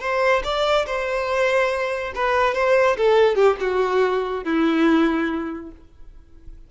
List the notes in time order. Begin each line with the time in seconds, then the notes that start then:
0.00 C5
0.43 D5
0.86 C5
2.15 B4
2.54 C5
2.97 A4
3.35 G4
3.60 F#4
4.44 E4